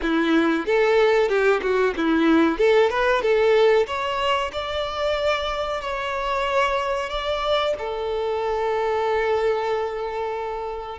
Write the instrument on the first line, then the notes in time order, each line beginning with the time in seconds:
violin
0.02 E4
0.66 A4
1.28 G4
1.61 F#4
1.96 E4
2.58 A4
2.90 B4
3.21 A4
3.86 C#5
4.52 D5
5.81 C#5
7.09 D5
7.78 A4